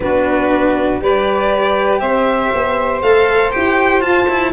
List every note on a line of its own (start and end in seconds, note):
0.00 1.00 B3
0.00 1.01 D4
0.00 1.02 F#4
0.00 1.01 B4
1.00 2.01 G3
1.00 3.03 G4
1.00 2.00 B4
1.00 2.00 D5
2.00 2.51 C4
2.00 4.52 C5
2.00 3.01 E5
2.53 3.02 B3
3.02 3.52 A3
3.02 3.51 A4
3.02 3.51 F5
3.51 4.05 E4
3.51 4.01 G4
3.51 4.01 G5
4.01 4.26 F4
4.01 4.53 F4
4.01 4.52 A5
4.28 4.53 E4